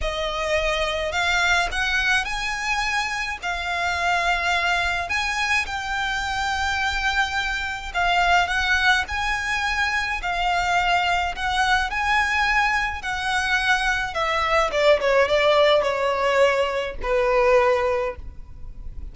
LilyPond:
\new Staff \with { instrumentName = "violin" } { \time 4/4 \tempo 4 = 106 dis''2 f''4 fis''4 | gis''2 f''2~ | f''4 gis''4 g''2~ | g''2 f''4 fis''4 |
gis''2 f''2 | fis''4 gis''2 fis''4~ | fis''4 e''4 d''8 cis''8 d''4 | cis''2 b'2 | }